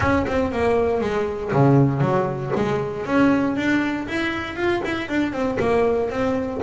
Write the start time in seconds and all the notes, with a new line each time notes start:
0.00 C#4
0.27 C4
0.52 A#3
1.00 G#3
1.52 C#3
2.00 F#3
2.55 G#3
3.06 C#4
3.56 D4
4.07 E4
4.56 F4
4.84 E4
5.08 D4
5.32 C4
5.59 A#3
6.09 C4